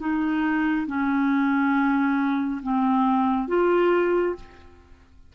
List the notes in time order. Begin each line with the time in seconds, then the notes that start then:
0.00 D#4
0.87 C#4
2.63 C4
3.48 F4